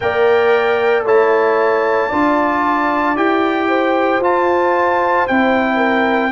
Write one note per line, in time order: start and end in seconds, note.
0.00 1.04 A#3
0.00 1.06 A#4
0.00 1.05 D5
0.00 1.03 G5
1.04 2.09 A3
1.04 2.11 E4
1.04 2.08 C#5
1.04 3.16 A5
2.08 3.16 D4
2.08 3.16 F4
2.08 3.66 D5
3.16 4.19 E4
3.16 4.21 G4
3.16 4.21 G5
3.68 5.76 C5
4.19 5.24 F4
4.19 5.28 F4
4.19 5.27 A5
5.27 6.31 C4
5.27 6.31 E4
5.27 6.31 G5
5.76 6.28 A#4